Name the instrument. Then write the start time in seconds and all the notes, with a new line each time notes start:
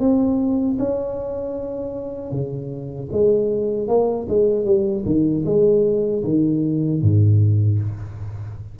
tuba
0.00 C4
0.79 C#4
2.32 C#3
3.12 G#3
3.88 A#3
4.29 G#3
4.65 G3
5.05 D#3
5.45 G#3
6.24 D#3
7.02 G#2